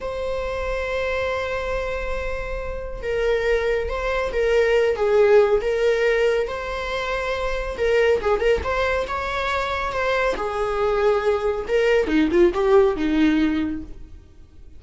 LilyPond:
\new Staff \with { instrumentName = "viola" } { \time 4/4 \tempo 4 = 139 c''1~ | c''2. ais'4~ | ais'4 c''4 ais'4. gis'8~ | gis'4 ais'2 c''4~ |
c''2 ais'4 gis'8 ais'8 | c''4 cis''2 c''4 | gis'2. ais'4 | dis'8 f'8 g'4 dis'2 | }